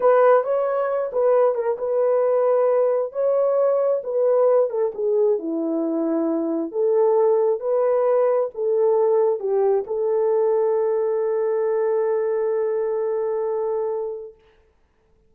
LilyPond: \new Staff \with { instrumentName = "horn" } { \time 4/4 \tempo 4 = 134 b'4 cis''4. b'4 ais'8 | b'2. cis''4~ | cis''4 b'4. a'8 gis'4 | e'2. a'4~ |
a'4 b'2 a'4~ | a'4 g'4 a'2~ | a'1~ | a'1 | }